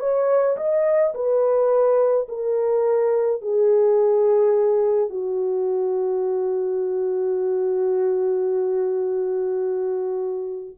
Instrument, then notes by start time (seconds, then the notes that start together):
horn
0.00 C#5
0.57 D#5
1.14 B4
2.28 A#4
3.42 G#4
5.10 F#4